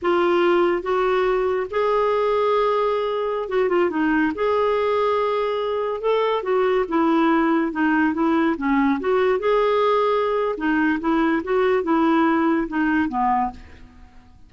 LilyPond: \new Staff \with { instrumentName = "clarinet" } { \time 4/4 \tempo 4 = 142 f'2 fis'2 | gis'1~ | gis'16 fis'8 f'8 dis'4 gis'4.~ gis'16~ | gis'2~ gis'16 a'4 fis'8.~ |
fis'16 e'2 dis'4 e'8.~ | e'16 cis'4 fis'4 gis'4.~ gis'16~ | gis'4 dis'4 e'4 fis'4 | e'2 dis'4 b4 | }